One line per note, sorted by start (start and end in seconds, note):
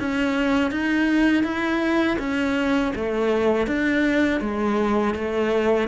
0.00 0.71 C#4
0.71 1.43 D#4
1.43 2.18 E4
2.19 2.93 C#4
2.96 3.67 A3
3.67 4.41 D4
4.41 5.15 G#3
5.15 5.89 A3